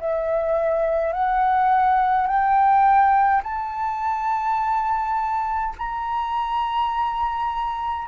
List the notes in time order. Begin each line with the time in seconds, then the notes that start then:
0.00 E5
1.13 F#5
2.27 G5
3.44 A5
5.78 A#5